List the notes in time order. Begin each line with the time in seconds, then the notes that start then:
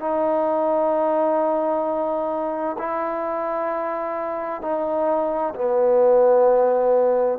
0.00 D#4
2.79 E4
4.62 D#4
5.55 B3